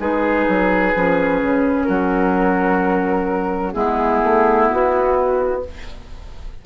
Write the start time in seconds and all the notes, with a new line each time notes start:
0.00 G#3 D#4 G#4 B4
0.48 F#3
0.96 F3 C#4
1.42 C#3
1.85 F#3 F#4 A#4
3.73 G#3 B3 E4 G#4
4.24 A3
4.70 B3 F#4